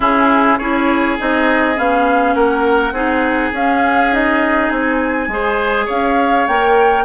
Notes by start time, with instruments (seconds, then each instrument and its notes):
0.00 bassoon C#3, clarinet C#4, oboe E4, flute G#4
0.58 bassoon C#4, clarinet E4, oboe G#4, flute C#5
1.18 bassoon C4, clarinet D#4, flute D#5
1.75 bassoon B3, clarinet C#4, flute F5
2.34 bassoon A#3, oboe A#4, flute F#5
2.92 bassoon C4, clarinet D#4, oboe G#4
3.52 bassoon C#4, clarinet C#4, flute F5
4.11 clarinet D#4, flute D#5
4.69 bassoon C4, flute G#5
5.27 bassoon G#3, clarinet G#4, oboe C5
5.85 bassoon C#4, oboe C#5, flute F5
6.47 bassoon A#3, clarinet A#4, flute G5